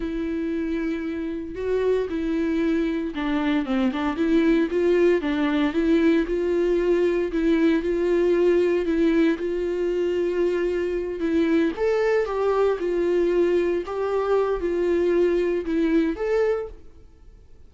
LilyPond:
\new Staff \with { instrumentName = "viola" } { \time 4/4 \tempo 4 = 115 e'2. fis'4 | e'2 d'4 c'8 d'8 | e'4 f'4 d'4 e'4 | f'2 e'4 f'4~ |
f'4 e'4 f'2~ | f'4. e'4 a'4 g'8~ | g'8 f'2 g'4. | f'2 e'4 a'4 | }